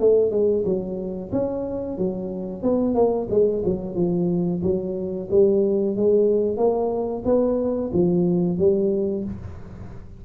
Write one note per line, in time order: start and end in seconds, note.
0.00 0.31 A3
0.31 0.64 G#3
0.65 1.31 F#3
1.32 1.98 C#4
1.98 2.63 F#3
2.63 2.95 B3
2.95 3.28 A#3
3.30 3.63 G#3
3.65 3.96 F#3
3.96 4.62 F3
4.63 5.29 F#3
5.31 5.96 G3
5.96 6.57 G#3
6.57 7.23 A#3
7.25 7.91 B3
7.93 8.59 F3
8.59 9.25 G3